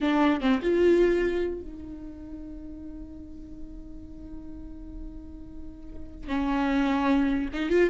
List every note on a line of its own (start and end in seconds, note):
0.00 0.40 D4
0.40 0.61 C4
0.62 1.61 F4
1.61 6.27 D#4
6.27 7.49 C#4
7.53 7.69 D#4
7.69 7.89 F4